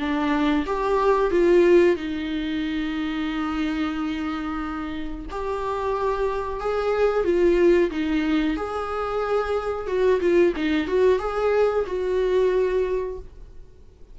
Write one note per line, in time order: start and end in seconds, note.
0.00 0.66 D4
0.67 1.32 G4
1.32 1.97 F4
1.97 5.26 D#4
5.31 6.61 G4
6.61 7.25 G#4
7.25 7.91 F4
7.91 8.57 D#4
8.57 9.88 G#4
9.88 10.20 F#4
10.21 10.54 F4
10.57 10.88 D#4
10.88 11.20 F#4
11.20 11.86 G#4
11.87 13.19 F#4